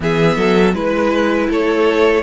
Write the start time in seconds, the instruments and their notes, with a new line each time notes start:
0.00 cello E3, viola B3, violin G#4 E5
0.36 cello F#3, violin A4
0.73 cello G#3, viola E4, violin B4
1.49 cello A3, violin A4 C#5